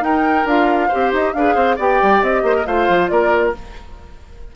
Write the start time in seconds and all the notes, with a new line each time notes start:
0.00 D#4 A#4 G5
0.44 D4 F4 F5
0.88 G4 C5
0.94 C4
1.12 D#4 D#5
1.33 D4 G#4 B4 F5
1.54 C4 C5
1.75 B3 G4 D5 G5
2.02 G3
2.22 C4 D#5
2.42 A#3 C5
2.54 A#4
2.65 A3 F4 C5 F5
2.88 F3
3.08 A#3 A#4 D5